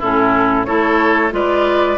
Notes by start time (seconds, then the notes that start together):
0.00 A2 C#4 E4 A4
0.65 A3 E4 A4 C#5
1.31 G#3 F4 B4 D5